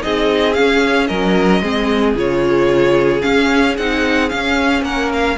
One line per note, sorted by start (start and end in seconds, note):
0.00 0.58 C4
0.00 0.54 D#4
0.00 1.08 G#4
0.00 0.54 D#5
0.54 1.62 C#4
0.54 1.10 C#4
0.54 1.07 F5
1.07 1.61 F#3
1.07 1.62 A#4
1.07 2.14 D#5
1.61 2.15 G#3
1.61 2.16 C4
1.61 4.84 G#4
2.15 3.22 C#3
2.15 3.21 F4
2.15 3.22 C#5
3.21 3.75 C#4
3.21 3.78 C#4
3.21 3.75 F5
3.78 4.32 C4
3.78 4.30 D#4
3.78 4.29 F#5
4.29 5.37 C#4
4.29 4.82 C#4
4.29 4.83 F5
4.82 5.36 A#3
4.82 5.38 A#4
4.82 5.11 F#5
5.13 5.38 F5